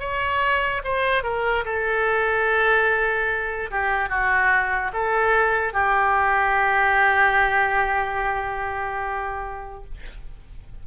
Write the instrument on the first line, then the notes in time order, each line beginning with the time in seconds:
oboe
0.00 C#5
0.84 C5
1.23 A#4
1.65 A4
3.71 G4
4.09 F#4
4.94 A4
5.73 G4